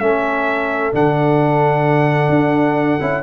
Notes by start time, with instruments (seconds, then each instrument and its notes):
0.00 tuba A3, trombone C#4, horn A4, trumpet E5
0.93 tuba D3, trombone D4, trumpet F#5
2.30 tuba D4
3.01 tuba C#4, trombone E4